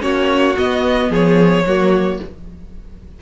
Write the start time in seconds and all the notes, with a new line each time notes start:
0.00 A#3 C#4 F#4 C#5
0.56 B3 D#5
1.10 F3 G#4 C#5
1.66 F#3 A#3 F#4